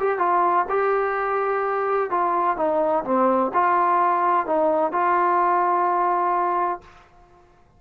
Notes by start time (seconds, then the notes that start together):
0.00 G4
0.19 F4
0.70 G4
2.11 F4
2.57 D#4
3.05 C4
3.54 F4
4.47 D#4
4.92 F4